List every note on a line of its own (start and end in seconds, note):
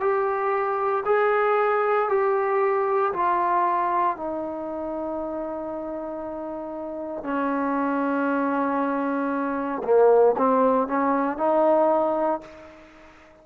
0.00 1.03 G4
1.06 2.09 G#4
2.09 3.13 G4
3.13 4.17 F4
4.17 7.24 D#4
7.24 9.82 C#4
9.84 10.35 A#3
10.37 10.87 C4
10.87 11.37 C#4
11.37 12.41 D#4